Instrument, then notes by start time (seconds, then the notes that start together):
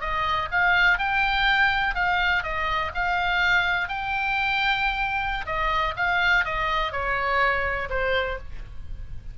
oboe
0.00 D#5
0.51 F5
0.98 G5
1.94 F5
2.43 D#5
2.94 F5
3.88 G5
5.46 D#5
5.96 F5
6.44 D#5
6.91 C#5
7.89 C5